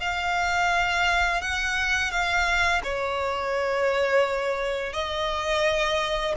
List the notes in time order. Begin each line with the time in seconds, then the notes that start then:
0.00 F5
1.41 F#5
2.10 F5
2.84 C#5
4.93 D#5